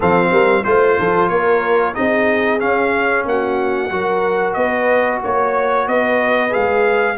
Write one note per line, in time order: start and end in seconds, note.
0.00 0.31 F3
0.00 0.64 C4
0.00 0.31 A4
0.00 0.64 F5
0.31 0.64 G3
0.31 0.64 A#4
0.64 0.98 A3
0.64 1.94 F4
0.64 1.29 C5
0.64 0.98 C5
0.98 1.29 F3
0.98 1.29 A4
1.29 1.95 A#3
1.29 1.95 A#4
1.29 1.94 C#5
1.94 2.60 C4
1.94 2.59 D#4
1.94 3.28 G#4
1.94 2.59 D#5
2.59 3.89 C#4
2.59 3.25 C#4
2.59 3.25 F5
3.25 3.90 A#3
3.25 3.92 F#4
3.25 4.53 F#5
3.90 4.55 F#3
3.90 6.49 F#4
3.90 4.56 A#4
4.53 5.21 B3
4.53 5.21 B4
4.53 5.18 D#5
5.22 5.87 A#3
5.22 5.87 C#5
5.22 5.88 C#5
5.87 6.52 B3
5.87 7.17 B4
5.87 6.53 D#5
6.49 7.15 G#4
6.49 7.17 F5
6.56 7.17 G#3